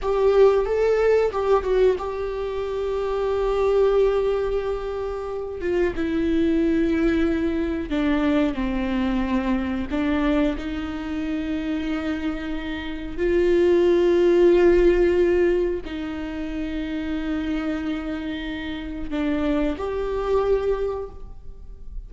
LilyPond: \new Staff \with { instrumentName = "viola" } { \time 4/4 \tempo 4 = 91 g'4 a'4 g'8 fis'8 g'4~ | g'1~ | g'8 f'8 e'2. | d'4 c'2 d'4 |
dis'1 | f'1 | dis'1~ | dis'4 d'4 g'2 | }